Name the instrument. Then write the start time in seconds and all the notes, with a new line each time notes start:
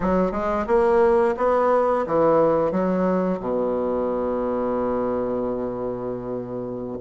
bassoon
0.00 F#3
0.31 G#3
0.67 A#3
1.37 B3
2.06 E3
2.71 F#3
3.39 B2